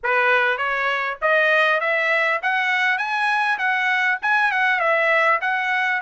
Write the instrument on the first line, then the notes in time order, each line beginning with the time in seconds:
trumpet
0.03 B4
0.57 C#5
1.21 D#5
1.80 E5
2.42 F#5
2.98 G#5
3.58 F#5
4.21 G#5
4.51 F#5
4.79 E5
5.41 F#5